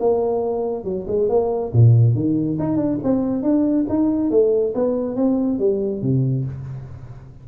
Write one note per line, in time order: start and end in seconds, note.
0.00 0.84 A#3
0.84 1.06 F#3
1.08 1.29 G#3
1.29 1.72 A#3
1.73 2.14 A#2
2.14 2.58 D#3
2.59 2.77 D#4
2.77 2.98 D4
3.04 3.42 C4
3.42 3.86 D4
3.89 4.30 D#4
4.30 4.74 A3
4.75 5.16 B3
5.16 5.59 C4
5.59 6.02 G3
6.02 6.45 C3